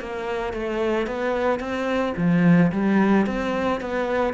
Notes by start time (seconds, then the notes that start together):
0.00 A#3
0.54 A3
1.07 B3
1.60 C4
2.17 F3
2.72 G3
3.27 C4
3.81 B3